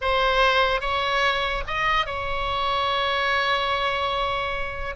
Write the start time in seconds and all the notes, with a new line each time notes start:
0.01 C5
0.80 C#5
1.67 D#5
2.06 C#5